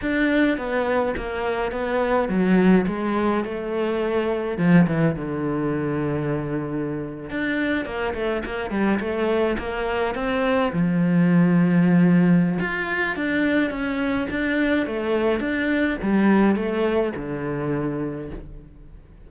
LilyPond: \new Staff \with { instrumentName = "cello" } { \time 4/4 \tempo 4 = 105 d'4 b4 ais4 b4 | fis4 gis4 a2 | f8 e8 d2.~ | d8. d'4 ais8 a8 ais8 g8 a16~ |
a8. ais4 c'4 f4~ f16~ | f2 f'4 d'4 | cis'4 d'4 a4 d'4 | g4 a4 d2 | }